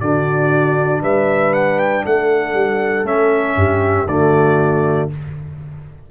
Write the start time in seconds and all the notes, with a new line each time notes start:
0.00 D3 D4 F#4 D5
1.02 G3 B4 E5
1.53 F#5
1.79 G5
2.05 A3 A4 F#5
2.53 G3
3.03 A3 C#4 E5
3.56 G2 G4
4.07 D3 A3 F#4 D5